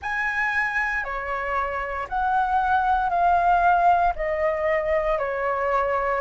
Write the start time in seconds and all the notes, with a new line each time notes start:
0.02 G#5
1.03 C#5
2.08 F#5
3.09 F5
4.15 D#5
5.18 C#5